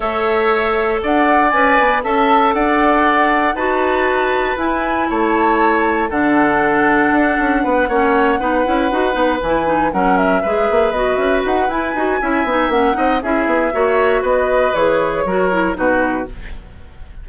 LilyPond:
<<
  \new Staff \with { instrumentName = "flute" } { \time 4/4 \tempo 4 = 118 e''2 fis''4 gis''4 | a''4 fis''2 a''4~ | a''4 gis''4 a''2 | fis''1~ |
fis''2~ fis''8 gis''4 fis''8 | e''4. dis''8 e''8 fis''8 gis''4~ | gis''4 fis''4 e''2 | dis''4 cis''2 b'4 | }
  \new Staff \with { instrumentName = "oboe" } { \time 4/4 cis''2 d''2 | e''4 d''2 b'4~ | b'2 cis''2 | a'2. b'8 cis''8~ |
cis''8 b'2. ais'8~ | ais'8 b'2.~ b'8 | e''4. dis''8 gis'4 cis''4 | b'2 ais'4 fis'4 | }
  \new Staff \with { instrumentName = "clarinet" } { \time 4/4 a'2. b'4 | a'2. fis'4~ | fis'4 e'2. | d'2.~ d'8 cis'8~ |
cis'8 dis'8 e'8 fis'8 dis'8 e'8 dis'8 cis'8~ | cis'8 gis'4 fis'4. e'8 fis'8 | e'8 dis'8 cis'8 dis'8 e'4 fis'4~ | fis'4 gis'4 fis'8 e'8 dis'4 | }
  \new Staff \with { instrumentName = "bassoon" } { \time 4/4 a2 d'4 cis'8 b8 | cis'4 d'2 dis'4~ | dis'4 e'4 a2 | d2 d'8 cis'8 b8 ais8~ |
ais8 b8 cis'8 dis'8 b8 e4 fis8~ | fis8 gis8 ais8 b8 cis'8 dis'8 e'8 dis'8 | cis'8 b8 ais8 c'8 cis'8 b8 ais4 | b4 e4 fis4 b,4 | }
>>